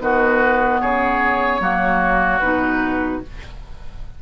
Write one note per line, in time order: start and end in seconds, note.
0.00 0.80 D#3
0.00 1.60 B3
0.00 0.81 F#4
0.00 0.80 B4
0.80 1.60 C#3
0.80 1.61 G#4
0.80 2.40 C#5
1.60 2.40 F#3
1.60 2.40 A#3
1.60 3.22 F#4
2.40 3.22 B2
2.40 3.22 D#4
2.40 3.20 B4